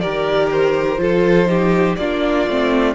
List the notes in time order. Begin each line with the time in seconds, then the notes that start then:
0.00 D#3 G4 A#4 D5
0.51 C5
0.97 F3 F4 A4
1.46 D#4 G4
1.96 A#3 D4 F4 D5
2.48 A3 C4